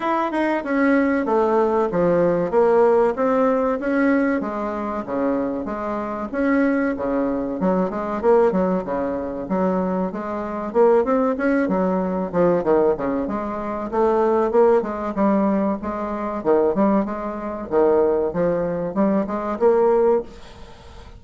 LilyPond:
\new Staff \with { instrumentName = "bassoon" } { \time 4/4 \tempo 4 = 95 e'8 dis'8 cis'4 a4 f4 | ais4 c'4 cis'4 gis4 | cis4 gis4 cis'4 cis4 | fis8 gis8 ais8 fis8 cis4 fis4 |
gis4 ais8 c'8 cis'8 fis4 f8 | dis8 cis8 gis4 a4 ais8 gis8 | g4 gis4 dis8 g8 gis4 | dis4 f4 g8 gis8 ais4 | }